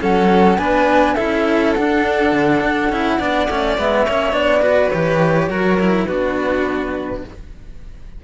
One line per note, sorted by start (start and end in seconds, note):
0.00 0.57 F#3
0.00 0.58 C#4
0.00 0.59 A4
0.00 0.57 F#5
0.57 1.15 B3
0.57 1.16 D4
0.57 1.15 B4
0.57 1.15 G#5
1.15 1.75 E4
1.15 3.16 A4
1.15 1.73 E5
1.21 1.78 C#4
1.73 2.92 D4
1.73 2.32 D4
1.73 3.75 F#5
2.32 2.60 D3
2.61 2.89 D4
2.89 3.18 C#4
2.89 3.19 E4
3.18 3.48 B3
3.18 3.48 D4
3.18 4.04 D5
3.48 3.77 A3
3.48 3.78 C#4
3.77 4.06 G#3
3.77 4.07 B3
3.77 4.33 E5
4.04 4.33 A#3
4.04 4.31 C#4
4.04 4.62 C#5
4.31 4.90 B3
4.31 4.60 D4
4.31 4.90 D5
4.62 4.90 F#4
4.62 5.48 B4
4.90 5.48 E3
4.90 5.50 G4
4.90 6.05 C#5
5.48 6.06 F#3
5.48 5.78 F#4
5.48 6.07 A#4
5.80 6.08 E4
6.05 7.24 B3
6.05 7.24 D4
6.05 7.22 F#4
6.05 7.20 B4